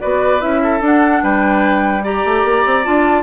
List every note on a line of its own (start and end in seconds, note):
0.00 0.42 B3
0.00 0.39 F#4
0.00 0.61 B4
0.00 0.41 D5
0.39 0.80 C#4
0.39 0.80 E4
0.39 0.81 E5
0.63 1.23 A4
0.80 1.21 D4
0.80 2.02 D4
0.80 1.23 F#5
1.22 2.24 G3
1.22 2.03 B4
1.22 2.04 G5
2.03 2.83 G4
2.03 3.22 D5
2.03 2.85 A#5
2.24 2.43 A3
2.43 2.64 A#3
2.65 2.85 C4
2.83 3.22 D4
2.83 3.22 F4
2.83 3.22 A5